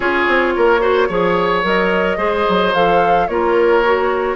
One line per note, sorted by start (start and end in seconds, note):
0.00 0.25 C#4
0.00 0.80 F4
0.00 0.53 G#4
0.00 1.61 C#5
0.27 0.55 C4
0.56 1.09 A#3
0.56 0.80 A#4
0.80 1.07 F#4
0.80 1.08 C5
1.08 1.63 F3
1.08 1.63 G#4
1.08 2.17 C#5
1.63 2.17 F#3
1.63 2.17 A#4
1.63 2.73 D#5
2.17 2.44 G#3
2.17 2.72 G#4
2.17 3.26 C5
2.49 2.74 F#3
2.73 3.28 F3
2.73 3.29 A4
2.73 3.27 F5
3.27 4.35 A#3
3.27 3.84 F4
3.27 4.35 A#4
3.27 4.35 C#5
3.84 4.35 F#4